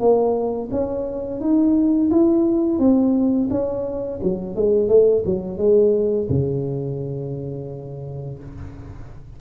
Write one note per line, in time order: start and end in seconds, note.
0.00 0.70 A#3
0.72 1.41 C#4
1.41 2.11 D#4
2.12 2.79 E4
2.79 3.49 C4
3.51 4.21 C#4
4.23 4.56 F#3
4.56 4.89 G#3
4.89 5.24 A3
5.25 5.58 F#3
5.58 6.28 G#3
6.29 8.39 C#3